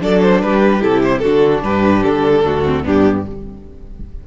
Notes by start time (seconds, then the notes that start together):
0.00 F#3 D4 A4 D5
0.22 C5
0.41 G3 G4 B4
0.80 C3 E4 A4
1.03 C5
1.19 D3 D4 F#4 A4
1.63 G2 G4 B4
2.03 D3 A4
2.45 D2 F#4
2.65 C4
2.83 G2 B3 D4 G4